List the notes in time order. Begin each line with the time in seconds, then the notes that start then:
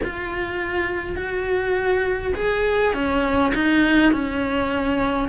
0.03 F4
1.16 F#4
2.35 G#4
2.93 C#4
3.54 D#4
4.12 C#4